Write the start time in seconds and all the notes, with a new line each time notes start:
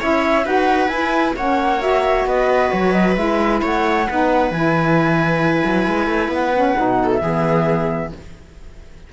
0.00 C#4 E4 C#5 E5
0.44 D#4 F#4 B4 F#5
0.88 E4 G#5
1.37 A#3 C#4 C#5 F#5
1.80 F#4 E5
2.26 B3 B4 D#5
2.71 F#3 C#5
2.93 D#5
3.15 G#3 E4 E5
3.62 A3 C#5 F#5
4.07 B3 D#4 B4
4.51 E3 E4 G#5
5.65 F#3
5.87 G#3
6.07 A3
6.29 B3 F#5
6.54 C#4
6.76 B2 D#4
7.03 A4
7.12 E5
7.22 E3 B3 G#4